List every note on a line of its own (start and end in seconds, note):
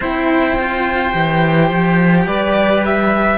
0.00 1.13 C4
0.00 0.58 E4
0.00 2.26 C5
0.00 2.27 G5
0.59 1.11 F4
1.11 1.70 E3
1.11 3.38 G4
1.70 2.26 F3
2.26 3.38 G3
2.26 3.38 B4
2.26 2.83 D5
2.85 3.38 E5